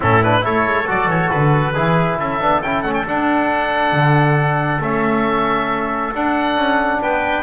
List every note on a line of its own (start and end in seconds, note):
0.00 0.45 A2
0.00 0.22 C#4
0.00 0.42 E4
0.00 0.23 A4
0.23 0.41 D4
0.23 0.45 B4
0.41 0.66 A3
0.41 0.85 E4
0.41 1.74 A4
0.41 0.88 C#5
0.66 0.87 G#3
0.87 1.06 F#3
0.87 1.74 F#4
0.87 1.09 D5
1.06 1.28 E3
1.06 1.30 C#5
1.30 1.77 D3
1.30 2.17 B4
1.74 2.18 E3
1.74 2.40 E4
1.74 2.18 G#4
2.18 2.40 C#4
2.18 7.01 A4
2.18 2.61 E5
2.40 2.62 B3
2.40 2.62 D4
2.61 2.83 C#4
2.61 2.84 E4
2.61 2.82 G5
2.82 3.05 A3
2.82 3.06 C#4
2.82 2.93 F#5
2.94 3.05 G5
3.06 4.81 D4
3.06 3.92 D4
3.06 4.82 F#5
3.92 4.80 D3
4.80 6.11 A3
4.80 6.13 C#4
4.80 6.14 E5
6.13 7.42 D4
6.13 6.56 D4
6.13 7.02 F#5
6.56 7.00 C#4
7.01 7.42 B3
7.01 7.42 B4
7.01 7.42 G5